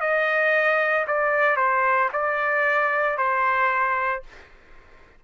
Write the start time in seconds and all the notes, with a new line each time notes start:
0.00 D#5
1.07 D5
1.56 C5
2.12 D5
3.17 C5